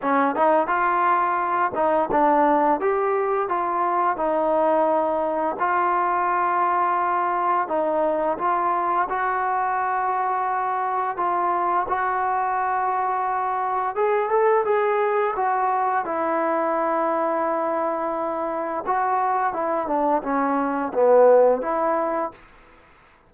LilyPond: \new Staff \with { instrumentName = "trombone" } { \time 4/4 \tempo 4 = 86 cis'8 dis'8 f'4. dis'8 d'4 | g'4 f'4 dis'2 | f'2. dis'4 | f'4 fis'2. |
f'4 fis'2. | gis'8 a'8 gis'4 fis'4 e'4~ | e'2. fis'4 | e'8 d'8 cis'4 b4 e'4 | }